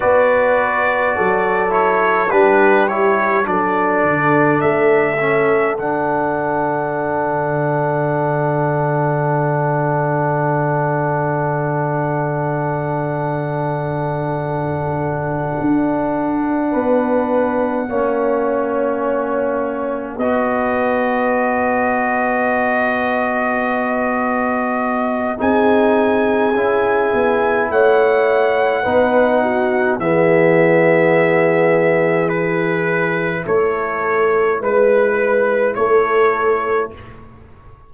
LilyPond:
<<
  \new Staff \with { instrumentName = "trumpet" } { \time 4/4 \tempo 4 = 52 d''4. cis''8 b'8 cis''8 d''4 | e''4 fis''2.~ | fis''1~ | fis''1~ |
fis''4. dis''2~ dis''8~ | dis''2 gis''2 | fis''2 e''2 | b'4 cis''4 b'4 cis''4 | }
  \new Staff \with { instrumentName = "horn" } { \time 4/4 b'4 a'4 g'4 a'4~ | a'1~ | a'1~ | a'2~ a'8 b'4 cis''8~ |
cis''4. b'2~ b'8~ | b'2 gis'2 | cis''4 b'8 fis'8 gis'2~ | gis'4 a'4 b'4 a'4 | }
  \new Staff \with { instrumentName = "trombone" } { \time 4/4 fis'4. e'8 d'8 e'8 d'4~ | d'8 cis'8 d'2.~ | d'1~ | d'2.~ d'8 cis'8~ |
cis'4. fis'2~ fis'8~ | fis'2 dis'4 e'4~ | e'4 dis'4 b2 | e'1 | }
  \new Staff \with { instrumentName = "tuba" } { \time 4/4 b4 fis4 g4 fis8 d8 | a4 d2.~ | d1~ | d4. d'4 b4 ais8~ |
ais4. b2~ b8~ | b2 c'4 cis'8 b8 | a4 b4 e2~ | e4 a4 gis4 a4 | }
>>